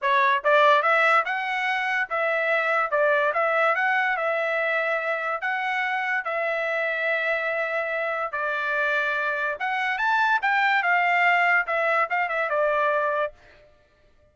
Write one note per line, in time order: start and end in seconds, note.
0.01 0.43 C#5
0.43 0.82 D5
0.82 1.24 E5
1.25 2.08 F#5
2.09 2.91 E5
2.91 3.32 D5
3.33 3.75 E5
3.75 4.16 F#5
4.16 5.41 E5
5.41 6.24 F#5
6.24 8.32 E5
8.32 9.57 D5
9.59 9.98 F#5
9.98 10.39 A5
10.41 10.83 G5
10.83 11.66 F5
11.66 12.08 E5
12.09 12.28 F5
12.28 12.49 E5
12.49 13.33 D5